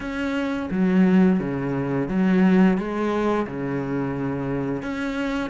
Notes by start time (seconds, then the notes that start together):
0.00 C#4
0.71 F#3
1.39 C#3
2.08 F#3
2.77 G#3
3.46 C#3
4.82 C#4